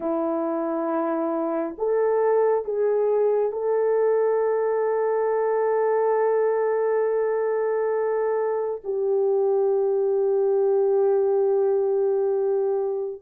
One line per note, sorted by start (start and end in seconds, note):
0.00 1.75 E4
1.78 2.65 A4
2.65 3.51 G#4
3.51 8.81 A4
8.84 13.21 G4